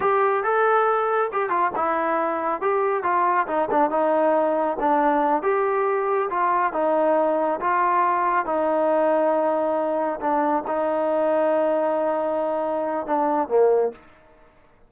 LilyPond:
\new Staff \with { instrumentName = "trombone" } { \time 4/4 \tempo 4 = 138 g'4 a'2 g'8 f'8 | e'2 g'4 f'4 | dis'8 d'8 dis'2 d'4~ | d'8 g'2 f'4 dis'8~ |
dis'4. f'2 dis'8~ | dis'2.~ dis'8 d'8~ | d'8 dis'2.~ dis'8~ | dis'2 d'4 ais4 | }